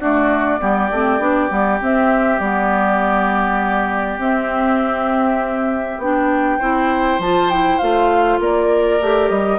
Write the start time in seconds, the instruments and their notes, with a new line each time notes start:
0.00 clarinet A3, bassoon D4, oboe F#4, flute D5
0.60 bassoon G3, clarinet B3, oboe G4
0.91 bassoon A3, clarinet C4
1.19 bassoon B3, clarinet D4
1.49 bassoon G3, clarinet B3
1.80 clarinet C4, bassoon C4, flute E5
2.39 bassoon G3, clarinet B3, flute D5
4.18 bassoon C4, clarinet C4, flute E5
5.98 bassoon B3, clarinet D4, flute G5
6.58 bassoon C4, clarinet E4, oboe C5
7.19 bassoon F3, clarinet F4, flute A5
7.50 clarinet E4, flute G5
7.79 bassoon A3, clarinet F4, flute F5
8.39 bassoon A#3, oboe A#4, flute D5
9.01 bassoon A3, clarinet G4
9.29 bassoon G3, flute D#5